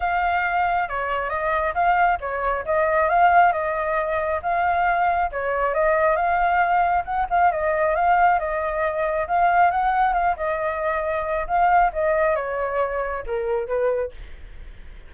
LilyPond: \new Staff \with { instrumentName = "flute" } { \time 4/4 \tempo 4 = 136 f''2 cis''4 dis''4 | f''4 cis''4 dis''4 f''4 | dis''2 f''2 | cis''4 dis''4 f''2 |
fis''8 f''8 dis''4 f''4 dis''4~ | dis''4 f''4 fis''4 f''8 dis''8~ | dis''2 f''4 dis''4 | cis''2 ais'4 b'4 | }